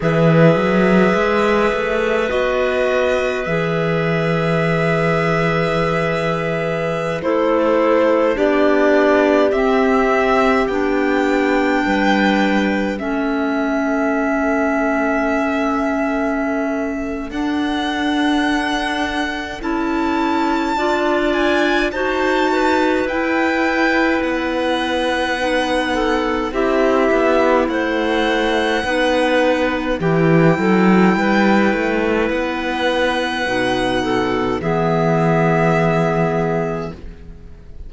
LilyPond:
<<
  \new Staff \with { instrumentName = "violin" } { \time 4/4 \tempo 4 = 52 e''2 dis''4 e''4~ | e''2~ e''16 c''4 d''8.~ | d''16 e''4 g''2 e''8.~ | e''2. fis''4~ |
fis''4 a''4. gis''8 a''4 | g''4 fis''2 e''4 | fis''2 g''2 | fis''2 e''2 | }
  \new Staff \with { instrumentName = "clarinet" } { \time 4/4 b'1~ | b'2~ b'16 a'4 g'8.~ | g'2~ g'16 b'4 a'8.~ | a'1~ |
a'2 d''4 c''8 b'8~ | b'2~ b'8 a'8 g'4 | c''4 b'4 g'8 a'8 b'4~ | b'4. a'8 gis'2 | }
  \new Staff \with { instrumentName = "clarinet" } { \time 4/4 gis'2 fis'4 gis'4~ | gis'2~ gis'16 e'4 d'8.~ | d'16 c'4 d'2 cis'8.~ | cis'2. d'4~ |
d'4 e'4 f'4 fis'4 | e'2 dis'4 e'4~ | e'4 dis'4 e'2~ | e'4 dis'4 b2 | }
  \new Staff \with { instrumentName = "cello" } { \time 4/4 e8 fis8 gis8 a8 b4 e4~ | e2~ e16 a4 b8.~ | b16 c'4 b4 g4 a8.~ | a2. d'4~ |
d'4 cis'4 d'4 dis'4 | e'4 b2 c'8 b8 | a4 b4 e8 fis8 g8 a8 | b4 b,4 e2 | }
>>